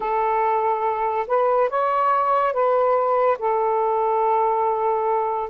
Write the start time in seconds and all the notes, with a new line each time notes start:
0.00 A4
1.27 B4
1.69 C#5
2.53 B4
3.38 A4